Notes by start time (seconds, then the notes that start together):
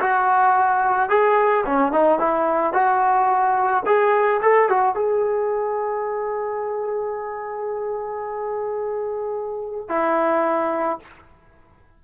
0.00 F#4
1.09 G#4
1.66 C#4
1.92 D#4
2.19 E4
2.73 F#4
3.86 G#4
4.42 A4
4.69 F#4
4.95 G#4
9.89 E4